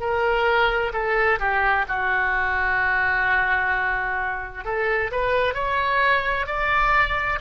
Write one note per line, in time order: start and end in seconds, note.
0.00 0.92 A#4
0.93 1.39 A4
1.39 1.85 G4
1.88 4.65 F#4
4.65 5.11 A4
5.11 5.54 B4
5.54 6.47 C#5
6.47 7.39 D5